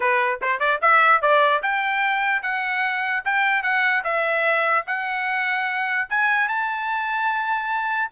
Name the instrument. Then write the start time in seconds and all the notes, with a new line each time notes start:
trumpet
0.00 B4
0.41 C5
0.59 D5
0.81 E5
1.21 D5
1.62 G5
2.42 F#5
3.25 G5
3.62 F#5
4.04 E5
4.86 F#5
6.09 G#5
6.48 A5